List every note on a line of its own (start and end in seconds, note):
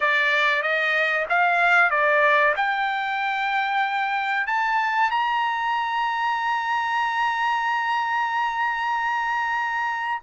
0.00 0.62 D5
0.62 1.26 D#5
1.29 1.90 F5
1.90 2.54 D5
2.56 4.47 G5
4.47 5.10 A5
5.11 10.21 A#5